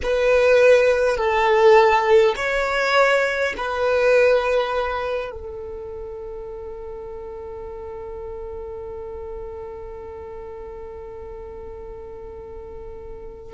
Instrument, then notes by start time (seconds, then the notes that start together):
violin
0.03 B4
1.17 A4
2.36 C#5
3.57 B4
5.30 A4